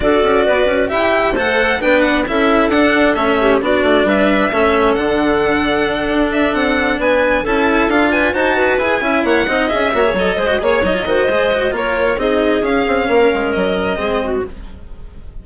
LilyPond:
<<
  \new Staff \with { instrumentName = "violin" } { \time 4/4 \tempo 4 = 133 d''2 g''4 fis''4 | g''8 fis''8 e''4 fis''4 e''4 | d''4 e''2 fis''4~ | fis''2 e''8 fis''4 gis''8~ |
gis''8 a''4 f''8 gis''8 a''4 gis''8~ | gis''8 fis''4 e''4 dis''4 cis''8 | dis''2 cis''4 dis''4 | f''2 dis''2 | }
  \new Staff \with { instrumentName = "clarinet" } { \time 4/4 a'4 b'4 e''4 c''4 | b'4 a'2~ a'8 g'8 | fis'4 b'4 a'2~ | a'2.~ a'8 b'8~ |
b'8 a'4. b'8 c''8 b'4 | e''8 cis''8 dis''4 cis''4 c''8 cis''8~ | cis''8 c''4. ais'4 gis'4~ | gis'4 ais'2 gis'8 fis'8 | }
  \new Staff \with { instrumentName = "cello" } { \time 4/4 fis'2 g'4 a'4 | d'4 e'4 d'4 cis'4 | d'2 cis'4 d'4~ | d'1~ |
d'8 e'4 f'4 fis'4 gis'8 | e'4 dis'8 gis'8 fis'16 gis'16 a'8 gis'16 fis'16 gis'8 | dis'16 f'16 fis'8 gis'8 fis'8 f'4 dis'4 | cis'2. c'4 | }
  \new Staff \with { instrumentName = "bassoon" } { \time 4/4 d'8 cis'8 b8 cis'8 e'4 a4 | b4 cis'4 d'4 a4 | b8 a8 g4 a4 d4~ | d4. d'4 c'4 b8~ |
b8 cis'4 d'4 dis'4 e'8 | cis'8 ais8 c'8 cis'8 ais8 fis8 gis8 ais8 | fis8 dis8 gis4 ais4 c'4 | cis'8 c'8 ais8 gis8 fis4 gis4 | }
>>